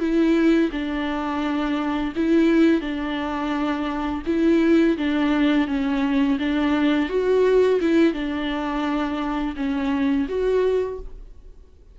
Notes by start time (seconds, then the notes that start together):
0.00 E4
0.72 D4
2.16 E4
2.81 D4
4.26 E4
4.98 D4
5.68 C#4
6.39 D4
7.09 F#4
7.81 E4
8.14 D4
9.56 C#4
10.29 F#4